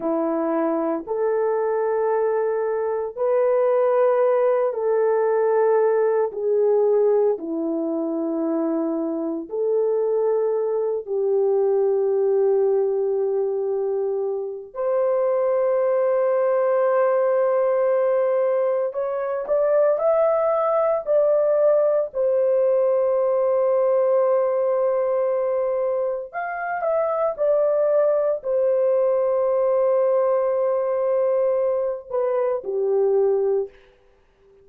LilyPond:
\new Staff \with { instrumentName = "horn" } { \time 4/4 \tempo 4 = 57 e'4 a'2 b'4~ | b'8 a'4. gis'4 e'4~ | e'4 a'4. g'4.~ | g'2 c''2~ |
c''2 cis''8 d''8 e''4 | d''4 c''2.~ | c''4 f''8 e''8 d''4 c''4~ | c''2~ c''8 b'8 g'4 | }